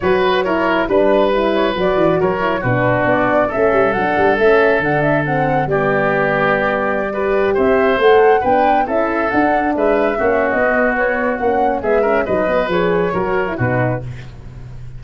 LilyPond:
<<
  \new Staff \with { instrumentName = "flute" } { \time 4/4 \tempo 4 = 137 cis''8 b'8 cis''4 b'4. cis''8 | d''4 cis''4 b'4 d''4 | e''4 fis''4 e''4 fis''8 e''8 | fis''4 d''2.~ |
d''4~ d''16 e''4 fis''4 g''8.~ | g''16 e''4 fis''4 e''4.~ e''16 | dis''4 cis''4 fis''4 e''4 | dis''4 cis''2 b'4 | }
  \new Staff \with { instrumentName = "oboe" } { \time 4/4 b'4 ais'4 b'2~ | b'4 ais'4 fis'2 | a'1~ | a'4 g'2.~ |
g'16 b'4 c''2 b'8.~ | b'16 a'2 b'4 fis'8.~ | fis'2. gis'8 ais'8 | b'2 ais'4 fis'4 | }
  \new Staff \with { instrumentName = "horn" } { \time 4/4 fis'4 e'4 d'4 e'4 | fis'4. e'8 d'2 | cis'4 d'4 cis'4 d'4 | c'4 b2.~ |
b16 g'2 a'4 d'8.~ | d'16 e'4 d'2 cis'8.~ | cis'16 b4.~ b16 cis'4 b8 cis'8 | dis'8 b8 gis'4 fis'8. e'16 dis'4 | }
  \new Staff \with { instrumentName = "tuba" } { \time 4/4 fis2 g2 | fis8 e8 fis4 b,4 b4 | a8 g8 fis8 g8 a4 d4~ | d4 g2.~ |
g4~ g16 c'4 a4 b8.~ | b16 cis'4 d'4 gis4 ais8. | b2 ais4 gis4 | fis4 f4 fis4 b,4 | }
>>